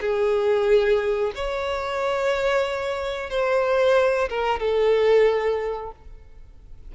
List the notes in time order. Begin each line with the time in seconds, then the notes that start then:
0.00 G#4
1.35 C#5
3.30 C5
4.29 A#4
4.59 A4